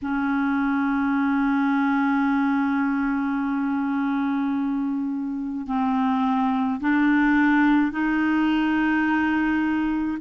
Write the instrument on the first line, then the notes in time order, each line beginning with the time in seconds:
clarinet
0.02 C#4
5.67 C4
6.80 D4
7.91 D#4